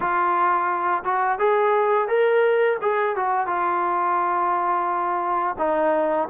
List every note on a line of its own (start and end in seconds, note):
0.00 1.03 F4
1.03 1.38 F#4
1.39 2.07 G#4
2.07 2.77 A#4
2.81 3.16 G#4
3.16 3.46 F#4
3.46 5.56 F4
5.58 6.28 D#4